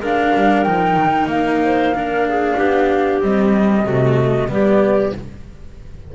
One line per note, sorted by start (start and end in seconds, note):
0.00 0.32 G#3
0.00 0.66 D4
0.00 1.60 A#4
0.00 0.64 F5
0.35 0.66 G3
0.64 0.97 F3
0.64 1.94 D#4
0.64 1.28 G5
0.97 1.26 D#3
1.26 2.54 A#3
1.26 3.21 F5
1.65 1.95 C5
1.95 3.23 D4
1.95 2.27 A#4
2.29 2.57 G#4
2.57 3.21 B3
2.57 3.84 G4
3.21 3.87 G3
3.21 3.85 C4
3.21 4.50 D#5
3.84 4.49 C3
3.84 4.48 A3
3.84 4.48 F#4
4.48 5.13 G3
4.48 5.12 B3
4.48 5.16 G4
4.48 5.14 D5